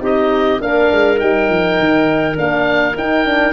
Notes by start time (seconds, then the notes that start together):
0.00 C4 D#4 G4 D#5
0.61 A#3 D4 A#4 F5
0.91 G#3
1.16 G3 D#4 G5
1.49 F3
1.79 D#3
2.36 A#3 D4 F5
2.97 D#4 G5
3.25 D4